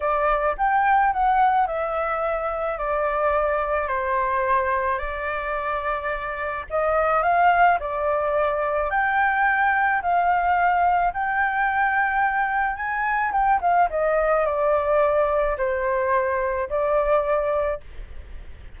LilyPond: \new Staff \with { instrumentName = "flute" } { \time 4/4 \tempo 4 = 108 d''4 g''4 fis''4 e''4~ | e''4 d''2 c''4~ | c''4 d''2. | dis''4 f''4 d''2 |
g''2 f''2 | g''2. gis''4 | g''8 f''8 dis''4 d''2 | c''2 d''2 | }